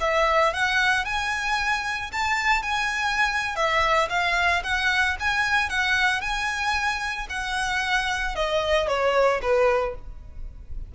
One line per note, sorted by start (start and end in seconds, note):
0.00 0.53 E5
0.53 1.05 F#5
1.05 2.11 G#5
2.12 2.63 A5
2.63 3.56 G#5
3.56 4.09 E5
4.09 4.62 F5
4.63 5.16 F#5
5.20 5.69 G#5
5.69 6.21 F#5
6.21 7.27 G#5
7.29 8.35 F#5
8.35 8.87 D#5
8.87 9.41 C#5
9.42 9.95 B4